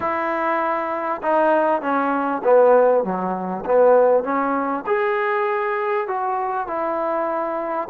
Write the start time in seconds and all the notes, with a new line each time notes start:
0.00 E4
1.22 D#4
1.81 C#4
2.44 B3
3.04 F#3
3.65 B3
4.23 C#4
4.86 G#4
6.07 F#4
6.67 E4